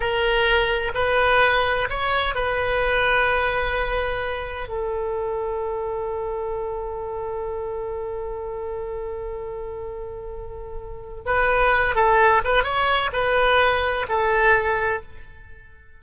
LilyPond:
\new Staff \with { instrumentName = "oboe" } { \time 4/4 \tempo 4 = 128 ais'2 b'2 | cis''4 b'2.~ | b'2 a'2~ | a'1~ |
a'1~ | a'1 | b'4. a'4 b'8 cis''4 | b'2 a'2 | }